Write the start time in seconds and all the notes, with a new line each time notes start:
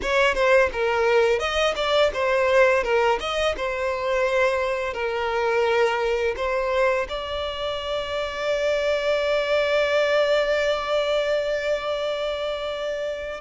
0.02 C#5
0.34 C5
0.72 A#4
1.39 D#5
1.75 D5
2.13 C5
2.83 A#4
3.20 D#5
3.56 C5
4.93 A#4
6.36 C5
7.08 D5